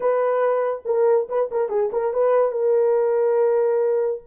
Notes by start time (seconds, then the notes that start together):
0.00 B4
0.85 A#4
1.28 B4
1.51 A#4
1.69 G#4
1.92 A#4
2.13 B4
2.51 A#4